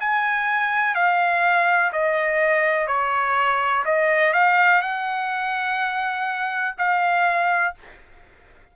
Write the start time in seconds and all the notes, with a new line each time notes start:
0.00 G#5
0.95 F5
1.93 D#5
2.87 C#5
3.85 D#5
4.33 F5
4.82 F#5
6.78 F5